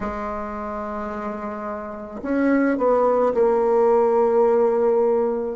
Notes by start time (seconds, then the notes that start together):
0.00 G#3
2.22 C#4
2.77 B3
3.34 A#3